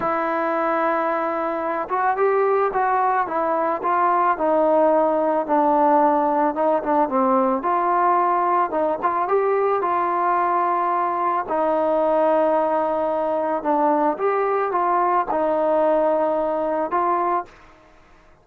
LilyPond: \new Staff \with { instrumentName = "trombone" } { \time 4/4 \tempo 4 = 110 e'2.~ e'8 fis'8 | g'4 fis'4 e'4 f'4 | dis'2 d'2 | dis'8 d'8 c'4 f'2 |
dis'8 f'8 g'4 f'2~ | f'4 dis'2.~ | dis'4 d'4 g'4 f'4 | dis'2. f'4 | }